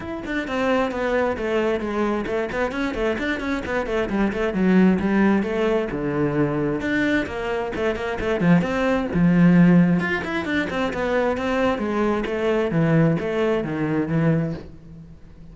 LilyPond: \new Staff \with { instrumentName = "cello" } { \time 4/4 \tempo 4 = 132 e'8 d'8 c'4 b4 a4 | gis4 a8 b8 cis'8 a8 d'8 cis'8 | b8 a8 g8 a8 fis4 g4 | a4 d2 d'4 |
ais4 a8 ais8 a8 f8 c'4 | f2 f'8 e'8 d'8 c'8 | b4 c'4 gis4 a4 | e4 a4 dis4 e4 | }